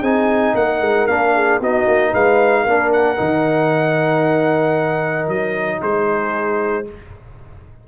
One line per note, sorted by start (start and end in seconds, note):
0.00 0.54 C4
0.00 1.08 D#4
0.00 0.53 G#4
0.00 0.55 G#5
0.54 0.80 A#3
0.54 1.34 A#4
0.54 1.06 F#5
0.80 1.07 G#3
1.06 1.59 A#3
1.06 1.61 D4
1.06 1.59 F5
1.34 1.60 G#4
1.59 1.86 B3
1.59 2.67 D#4
1.59 2.10 F#4
1.59 2.14 D#5
1.86 2.12 A#3
2.10 2.65 G#3
2.10 2.62 B4
2.10 2.92 F5
2.62 3.19 A#3
2.62 3.16 D4
2.62 5.78 A#4
2.92 5.28 F#5
3.16 5.27 D#3
3.16 6.84 D#4
5.27 5.80 F#3
5.27 5.81 D#5
5.80 6.87 G#3
5.80 6.86 G#4
5.80 6.87 C5